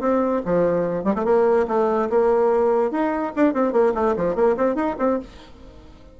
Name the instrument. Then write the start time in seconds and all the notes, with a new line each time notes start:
bassoon
0.00 C4
0.45 F3
1.04 G3
1.15 A3
1.25 A#3
1.68 A3
2.10 A#3
2.91 D#4
3.36 D4
3.53 C4
3.72 A#3
3.94 A3
4.16 F3
4.35 A#3
4.57 C4
4.75 D#4
4.99 C4